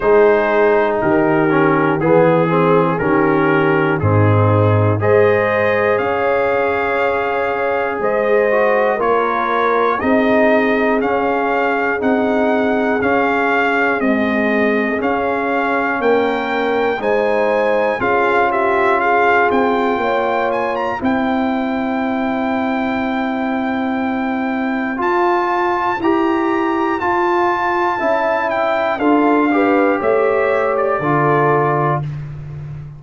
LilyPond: <<
  \new Staff \with { instrumentName = "trumpet" } { \time 4/4 \tempo 4 = 60 c''4 ais'4 gis'4 ais'4 | gis'4 dis''4 f''2 | dis''4 cis''4 dis''4 f''4 | fis''4 f''4 dis''4 f''4 |
g''4 gis''4 f''8 e''8 f''8 g''8~ | g''8 gis''16 ais''16 g''2.~ | g''4 a''4 ais''4 a''4~ | a''8 g''8 f''4 e''8. d''4~ d''16 | }
  \new Staff \with { instrumentName = "horn" } { \time 4/4 gis'4 g'4 gis'4 g'4 | dis'4 c''4 cis''2 | c''4 ais'4 gis'2~ | gis'1 |
ais'4 c''4 gis'8 g'8 gis'4 | cis''4 c''2.~ | c''1 | e''4 a'8 b'8 cis''4 a'4 | }
  \new Staff \with { instrumentName = "trombone" } { \time 4/4 dis'4. cis'8 b8 c'8 cis'4 | c'4 gis'2.~ | gis'8 fis'8 f'4 dis'4 cis'4 | dis'4 cis'4 gis4 cis'4~ |
cis'4 dis'4 f'2~ | f'4 e'2.~ | e'4 f'4 g'4 f'4 | e'4 f'8 g'4. f'4 | }
  \new Staff \with { instrumentName = "tuba" } { \time 4/4 gis4 dis4 e4 dis4 | gis,4 gis4 cis'2 | gis4 ais4 c'4 cis'4 | c'4 cis'4 c'4 cis'4 |
ais4 gis4 cis'4. c'8 | ais4 c'2.~ | c'4 f'4 e'4 f'4 | cis'4 d'4 a4 d4 | }
>>